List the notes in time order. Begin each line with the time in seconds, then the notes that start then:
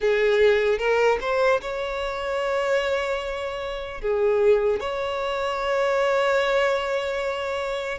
0.00 G#4
0.78 A#4
1.20 C5
1.61 C#5
4.01 G#4
4.80 C#5